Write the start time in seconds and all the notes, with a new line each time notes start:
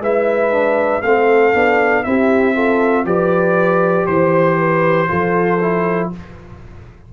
0.00 G#3 E4 B4 E5
0.52 D4
1.02 A3 C4 A4 F5
1.54 B3 D4
2.04 C4 E4 G4 E5
2.55 F4 A4
3.05 F3 G4 B4 D5
4.06 E3 C5
4.58 B4
5.08 F3 F4 A4
5.61 E4